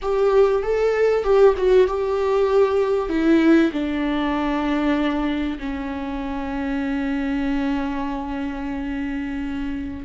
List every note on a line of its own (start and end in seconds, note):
0.01 0.62 G4
0.62 1.23 A4
1.23 1.54 G4
1.57 1.87 F#4
1.87 3.09 G4
3.09 3.71 E4
3.72 5.58 D4
5.59 10.05 C#4